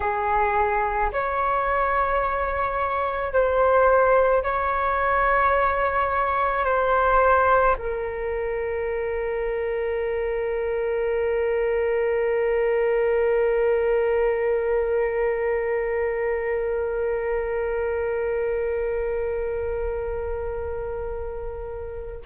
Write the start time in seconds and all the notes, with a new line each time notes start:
0.00 G#4
1.12 C#5
3.32 C5
4.43 C#5
6.64 C5
7.77 A#4